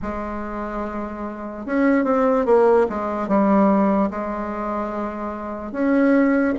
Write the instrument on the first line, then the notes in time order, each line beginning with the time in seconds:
bassoon
0.02 G#3
1.66 C#4
2.04 C4
2.45 A#3
2.89 G#3
3.28 G3
4.10 G#3
5.71 C#4